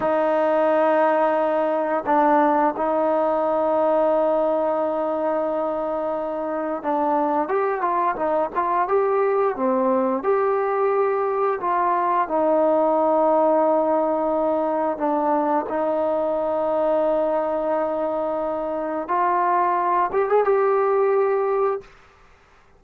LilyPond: \new Staff \with { instrumentName = "trombone" } { \time 4/4 \tempo 4 = 88 dis'2. d'4 | dis'1~ | dis'2 d'4 g'8 f'8 | dis'8 f'8 g'4 c'4 g'4~ |
g'4 f'4 dis'2~ | dis'2 d'4 dis'4~ | dis'1 | f'4. g'16 gis'16 g'2 | }